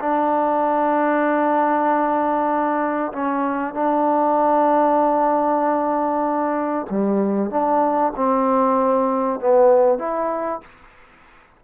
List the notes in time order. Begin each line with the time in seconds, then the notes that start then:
0.00 D4
3.13 C#4
3.74 D4
6.90 G3
7.51 D4
8.16 C4
9.40 B3
9.99 E4